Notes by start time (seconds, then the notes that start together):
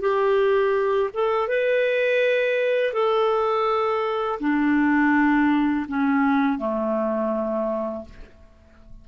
0.00 G4
1.13 A4
1.48 B4
2.93 A4
4.40 D4
5.88 C#4
6.58 A3